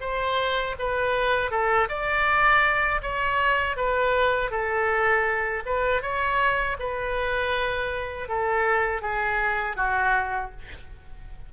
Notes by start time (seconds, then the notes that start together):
0.00 C5
0.78 B4
1.50 A4
1.88 D5
3.02 C#5
3.76 B4
4.50 A4
5.65 B4
6.02 C#5
6.79 B4
8.28 A4
9.01 G#4
9.76 F#4